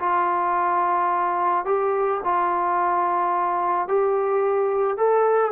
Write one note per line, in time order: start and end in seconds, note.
0.00 1.66 F4
1.66 2.21 G4
2.24 3.88 F4
3.88 4.98 G4
4.98 5.52 A4